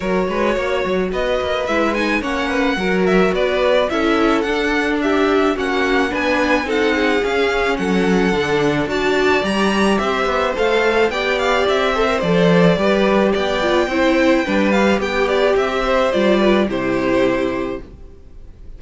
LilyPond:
<<
  \new Staff \with { instrumentName = "violin" } { \time 4/4 \tempo 4 = 108 cis''2 dis''4 e''8 gis''8 | fis''4. e''8 d''4 e''4 | fis''4 e''4 fis''4 gis''4 | fis''4 f''4 fis''2 |
a''4 ais''4 e''4 f''4 | g''8 f''8 e''4 d''2 | g''2~ g''8 f''8 g''8 d''8 | e''4 d''4 c''2 | }
  \new Staff \with { instrumentName = "violin" } { \time 4/4 ais'8 b'8 cis''4 b'2 | cis''8 b'8 ais'4 b'4 a'4~ | a'4 g'4 fis'4 b'4 | a'8 gis'4. a'2 |
d''2 c''2 | d''4. c''4. b'4 | d''4 c''4 b'4 g'4~ | g'8 c''4 b'8 g'2 | }
  \new Staff \with { instrumentName = "viola" } { \time 4/4 fis'2. e'8 dis'8 | cis'4 fis'2 e'4 | d'2 cis'4 d'4 | dis'4 cis'2 d'4 |
fis'4 g'2 a'4 | g'4. a'16 ais'16 a'4 g'4~ | g'8 f'8 e'4 d'8 g'4.~ | g'4 f'4 e'2 | }
  \new Staff \with { instrumentName = "cello" } { \time 4/4 fis8 gis8 ais8 fis8 b8 ais8 gis4 | ais4 fis4 b4 cis'4 | d'2 ais4 b4 | c'4 cis'4 fis4 d4 |
d'4 g4 c'8 b8 a4 | b4 c'4 f4 g4 | b4 c'4 g4 b4 | c'4 g4 c2 | }
>>